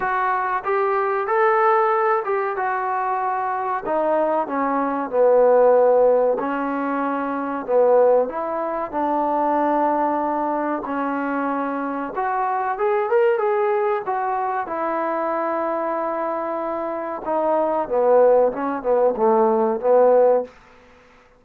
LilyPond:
\new Staff \with { instrumentName = "trombone" } { \time 4/4 \tempo 4 = 94 fis'4 g'4 a'4. g'8 | fis'2 dis'4 cis'4 | b2 cis'2 | b4 e'4 d'2~ |
d'4 cis'2 fis'4 | gis'8 ais'8 gis'4 fis'4 e'4~ | e'2. dis'4 | b4 cis'8 b8 a4 b4 | }